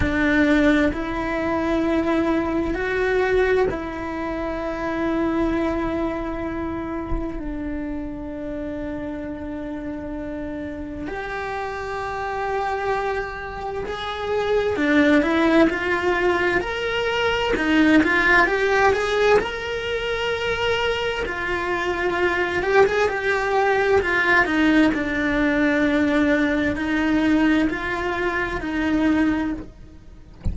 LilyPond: \new Staff \with { instrumentName = "cello" } { \time 4/4 \tempo 4 = 65 d'4 e'2 fis'4 | e'1 | d'1 | g'2. gis'4 |
d'8 e'8 f'4 ais'4 dis'8 f'8 | g'8 gis'8 ais'2 f'4~ | f'8 g'16 gis'16 g'4 f'8 dis'8 d'4~ | d'4 dis'4 f'4 dis'4 | }